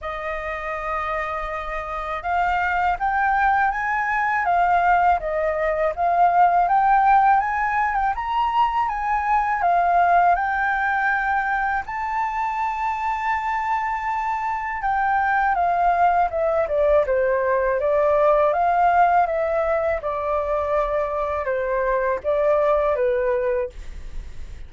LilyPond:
\new Staff \with { instrumentName = "flute" } { \time 4/4 \tempo 4 = 81 dis''2. f''4 | g''4 gis''4 f''4 dis''4 | f''4 g''4 gis''8. g''16 ais''4 | gis''4 f''4 g''2 |
a''1 | g''4 f''4 e''8 d''8 c''4 | d''4 f''4 e''4 d''4~ | d''4 c''4 d''4 b'4 | }